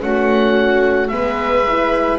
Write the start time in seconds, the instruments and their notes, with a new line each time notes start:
0.00 double bass A3, horn C#4, viola F#4, oboe F#5
1.08 double bass G#3, horn B3, viola B4, oboe E5
1.68 horn E4